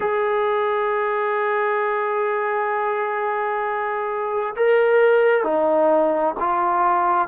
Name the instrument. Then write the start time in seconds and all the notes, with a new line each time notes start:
trombone
0.00 G#4
4.55 A#4
5.43 D#4
6.39 F4